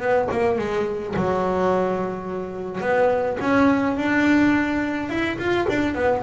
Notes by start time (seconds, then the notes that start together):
0.00 B3
0.32 A#3
0.58 G#3
1.16 F#3
2.81 B3
3.41 C#4
3.97 D4
5.09 E4
5.38 F4
5.69 D4
5.95 B3